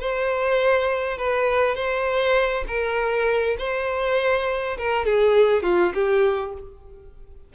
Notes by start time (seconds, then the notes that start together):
0.00 C5
1.18 B4
1.75 C5
2.68 A#4
3.58 C5
4.78 A#4
5.05 G#4
5.63 F4
5.94 G4